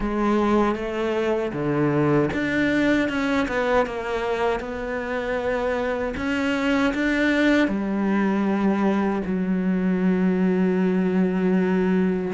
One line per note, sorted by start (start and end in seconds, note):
0.00 0.75 G#3
0.75 1.52 A3
1.52 2.29 D3
2.33 3.08 D4
3.08 3.47 C#4
3.48 3.85 B3
3.85 4.60 A#3
4.60 6.14 B3
6.16 6.93 C#4
6.94 7.67 D4
7.67 9.21 G3
9.25 12.33 F#3